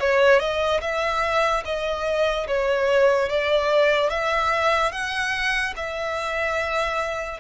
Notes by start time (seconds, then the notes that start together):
0.00 C#5
0.39 D#5
0.81 E5
1.65 D#5
2.47 C#5
3.29 D5
4.10 E5
4.92 F#5
5.76 E5